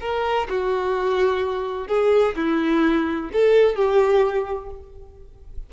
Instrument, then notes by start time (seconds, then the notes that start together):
violin
0.00 A#4
0.49 F#4
1.87 G#4
2.36 E4
3.32 A4
3.75 G4